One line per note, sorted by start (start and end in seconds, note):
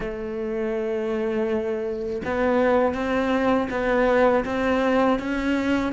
0.00 2.22 A3
2.24 2.94 B3
2.94 3.68 C4
3.70 4.44 B3
4.44 5.19 C4
5.19 5.92 C#4